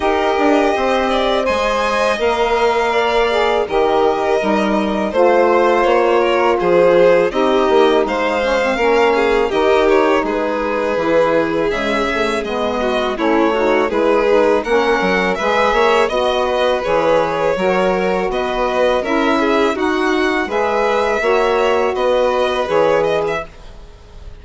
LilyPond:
<<
  \new Staff \with { instrumentName = "violin" } { \time 4/4 \tempo 4 = 82 dis''2 gis''4 f''4~ | f''4 dis''2 c''4 | cis''4 c''4 dis''4 f''4~ | f''4 dis''8 cis''8 b'2 |
e''4 dis''4 cis''4 b'4 | fis''4 e''4 dis''4 cis''4~ | cis''4 dis''4 e''4 fis''4 | e''2 dis''4 cis''8 dis''16 e''16 | }
  \new Staff \with { instrumentName = "violin" } { \time 4/4 ais'4 c''8 d''8 dis''2 | d''4 ais'2 c''4~ | c''8 ais'8 gis'4 g'4 c''4 | ais'8 gis'8 g'4 gis'2~ |
gis'4. fis'8 e'8 fis'8 gis'4 | ais'4 b'8 cis''8 dis''8 b'4. | ais'4 b'4 ais'8 gis'8 fis'4 | b'4 cis''4 b'2 | }
  \new Staff \with { instrumentName = "saxophone" } { \time 4/4 g'2 c''4 ais'4~ | ais'8 gis'8 g'4 dis'4 f'4~ | f'2 dis'4. cis'16 c'16 | cis'4 dis'2 e'4 |
gis8 a8 b4 cis'8 dis'8 e'8 dis'8 | cis'4 gis'4 fis'4 gis'4 | fis'2 e'4 dis'4 | gis'4 fis'2 gis'4 | }
  \new Staff \with { instrumentName = "bassoon" } { \time 4/4 dis'8 d'8 c'4 gis4 ais4~ | ais4 dis4 g4 a4 | ais4 f4 c'8 ais8 gis4 | ais4 dis4 gis4 e4 |
cis4 gis4 a4 gis4 | ais8 fis8 gis8 ais8 b4 e4 | fis4 b4 cis'4 dis'4 | gis4 ais4 b4 e4 | }
>>